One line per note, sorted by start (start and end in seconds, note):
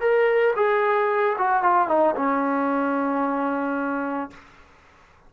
0.00 0.54 A#4
0.56 1.36 G#4
1.38 1.62 F#4
1.62 1.88 F4
1.88 2.15 D#4
2.16 4.30 C#4